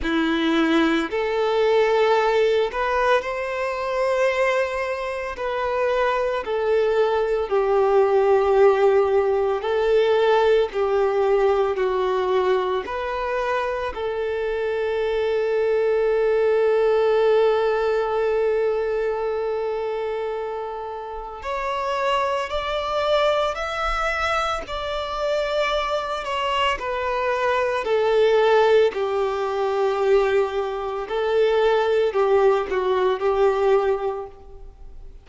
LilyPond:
\new Staff \with { instrumentName = "violin" } { \time 4/4 \tempo 4 = 56 e'4 a'4. b'8 c''4~ | c''4 b'4 a'4 g'4~ | g'4 a'4 g'4 fis'4 | b'4 a'2.~ |
a'1 | cis''4 d''4 e''4 d''4~ | d''8 cis''8 b'4 a'4 g'4~ | g'4 a'4 g'8 fis'8 g'4 | }